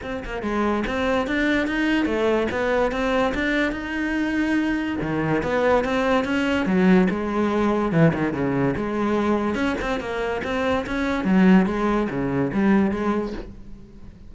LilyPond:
\new Staff \with { instrumentName = "cello" } { \time 4/4 \tempo 4 = 144 c'8 ais8 gis4 c'4 d'4 | dis'4 a4 b4 c'4 | d'4 dis'2. | dis4 b4 c'4 cis'4 |
fis4 gis2 e8 dis8 | cis4 gis2 cis'8 c'8 | ais4 c'4 cis'4 fis4 | gis4 cis4 g4 gis4 | }